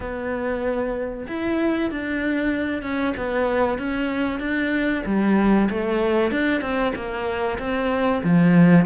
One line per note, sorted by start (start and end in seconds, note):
0.00 1.26 B3
1.27 1.90 E4
1.91 2.82 D4
2.82 3.13 C#4
3.16 3.78 B3
3.78 4.39 C#4
4.39 5.02 D4
5.05 5.68 G3
5.70 6.31 A3
6.31 6.61 D4
6.61 6.92 C4
6.95 7.58 A#3
7.58 8.22 C4
8.23 8.85 F3